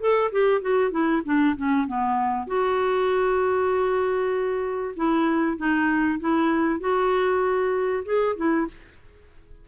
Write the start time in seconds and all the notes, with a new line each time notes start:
0.00 A4
0.32 G4
0.62 F#4
0.91 E4
1.25 D4
1.57 C#4
1.87 B3
2.47 F#4
4.96 E4
5.58 D#4
6.20 E4
6.80 F#4
8.05 G#4
8.36 E4